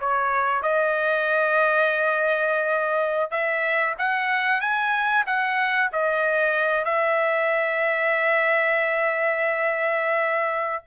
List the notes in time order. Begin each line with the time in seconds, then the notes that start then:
0.00 C#5
0.63 D#5
3.31 E5
3.99 F#5
4.61 G#5
5.26 F#5
5.92 D#5
6.85 E5